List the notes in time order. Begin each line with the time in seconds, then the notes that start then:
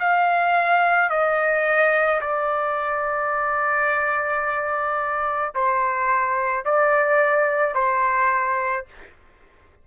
0.00 F5
1.10 D#5
2.21 D5
5.55 C5
6.66 D5
7.75 C5